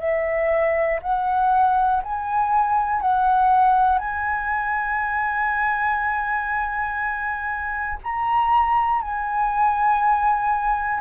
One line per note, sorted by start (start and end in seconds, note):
0.00 1.00 E5
1.02 2.02 F#5
2.03 3.01 G#5
3.01 3.99 F#5
3.99 7.99 G#5
8.03 9.01 A#5
9.01 11.00 G#5